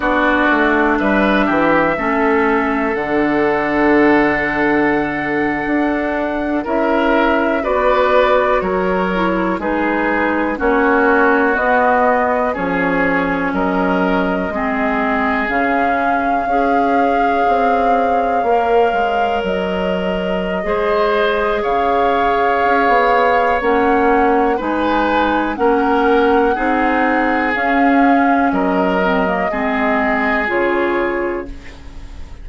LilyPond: <<
  \new Staff \with { instrumentName = "flute" } { \time 4/4 \tempo 4 = 61 d''4 e''2 fis''4~ | fis''2~ fis''8. e''4 d''16~ | d''8. cis''4 b'4 cis''4 dis''16~ | dis''8. cis''4 dis''2 f''16~ |
f''2.~ f''8. dis''16~ | dis''2 f''2 | fis''4 gis''4 fis''2 | f''4 dis''2 cis''4 | }
  \new Staff \with { instrumentName = "oboe" } { \time 4/4 fis'4 b'8 g'8 a'2~ | a'2~ a'8. ais'4 b'16~ | b'8. ais'4 gis'4 fis'4~ fis'16~ | fis'8. gis'4 ais'4 gis'4~ gis'16~ |
gis'8. cis''2.~ cis''16~ | cis''4 c''4 cis''2~ | cis''4 b'4 ais'4 gis'4~ | gis'4 ais'4 gis'2 | }
  \new Staff \with { instrumentName = "clarinet" } { \time 4/4 d'2 cis'4 d'4~ | d'2~ d'8. e'4 fis'16~ | fis'4~ fis'16 e'8 dis'4 cis'4 b16~ | b8. cis'2 c'4 cis'16~ |
cis'8. gis'2 ais'4~ ais'16~ | ais'4 gis'2. | cis'4 dis'4 cis'4 dis'4 | cis'4. c'16 ais16 c'4 f'4 | }
  \new Staff \with { instrumentName = "bassoon" } { \time 4/4 b8 a8 g8 e8 a4 d4~ | d4.~ d16 d'4 cis'4 b16~ | b8. fis4 gis4 ais4 b16~ | b8. f4 fis4 gis4 cis16~ |
cis8. cis'4 c'4 ais8 gis8 fis16~ | fis4 gis4 cis4 cis'16 b8. | ais4 gis4 ais4 c'4 | cis'4 fis4 gis4 cis4 | }
>>